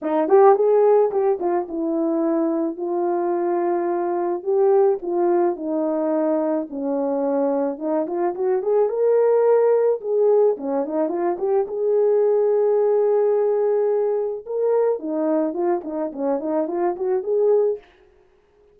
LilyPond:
\new Staff \with { instrumentName = "horn" } { \time 4/4 \tempo 4 = 108 dis'8 g'8 gis'4 g'8 f'8 e'4~ | e'4 f'2. | g'4 f'4 dis'2 | cis'2 dis'8 f'8 fis'8 gis'8 |
ais'2 gis'4 cis'8 dis'8 | f'8 g'8 gis'2.~ | gis'2 ais'4 dis'4 | f'8 dis'8 cis'8 dis'8 f'8 fis'8 gis'4 | }